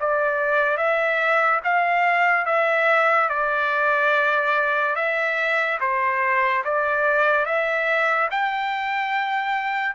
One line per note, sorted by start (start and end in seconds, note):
0.00 0.77 D5
0.77 1.61 E5
1.64 2.46 F5
2.46 3.29 E5
3.29 4.96 D5
4.96 5.79 E5
5.80 6.64 C5
6.65 7.46 D5
7.46 8.29 E5
8.31 9.95 G5